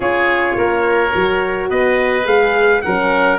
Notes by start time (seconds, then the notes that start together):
0.00 C#4 F4 G#4 C#5
0.57 A#3 A#4
1.15 F#3 F#4
1.69 B3 B4 D#5
2.24 G#3 G#4 F5
2.81 F#3 C#4 A#4 F#5